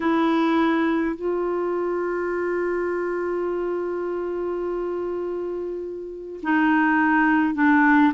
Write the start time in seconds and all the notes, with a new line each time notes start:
0.00 E4
1.16 F4
6.42 D#4
7.54 D4